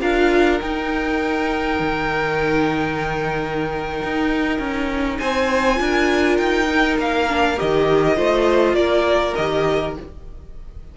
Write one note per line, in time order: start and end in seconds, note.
0.00 0.61 D4
0.00 0.59 F4
0.00 5.19 A#4
0.00 0.60 F5
0.60 5.75 D#4
0.60 1.79 D#4
0.60 5.18 G5
1.79 4.02 D#3
4.03 4.59 D#4
4.59 5.18 C#4
5.18 5.79 C4
5.18 5.78 C5
5.18 6.37 G#5
5.75 6.38 D4
5.75 6.64 F4
5.82 8.16 A#4
6.37 6.98 D#4
6.37 6.96 G5
6.67 7.26 D#4
6.98 7.57 A#3
6.98 7.59 F5
7.28 7.57 D4
7.57 8.17 D#3
7.57 8.15 G4
7.57 8.74 D#5
8.15 8.73 A3
8.15 9.34 F4
8.15 8.76 C5
8.73 9.32 A#3
8.73 9.96 A#4
8.73 9.34 D5
9.35 9.97 D#3
9.35 9.96 G4
9.35 9.94 D#5